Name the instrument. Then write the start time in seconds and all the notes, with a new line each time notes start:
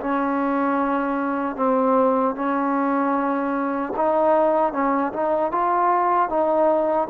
trombone
0.00 C#4
1.56 C4
2.35 C#4
3.97 D#4
4.73 C#4
5.13 D#4
5.52 F4
6.29 D#4